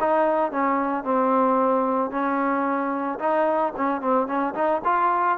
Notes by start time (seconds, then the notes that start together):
0.00 D#4
0.52 C#4
1.04 C4
2.11 C#4
3.19 D#4
3.76 C#4
4.01 C4
4.27 C#4
4.55 D#4
4.85 F4